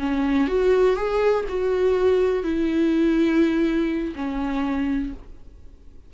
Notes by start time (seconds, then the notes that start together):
0.00 C#4
0.48 F#4
0.96 G#4
1.49 F#4
2.44 E4
4.16 C#4